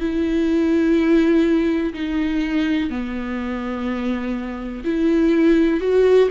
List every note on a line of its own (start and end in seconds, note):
0.00 1.94 E4
1.94 2.90 D#4
2.90 4.84 B3
4.85 5.81 E4
5.81 6.29 F#4